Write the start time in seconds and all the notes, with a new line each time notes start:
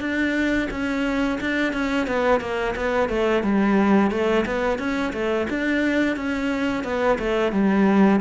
0.00 D4
0.71 C#4
1.41 D4
1.73 C#4
2.07 B3
2.40 A#3
2.76 B3
3.09 A3
3.43 G3
4.11 A3
4.46 B3
4.79 C#4
5.13 A3
5.50 D4
6.16 C#4
6.84 B3
7.19 A3
7.52 G3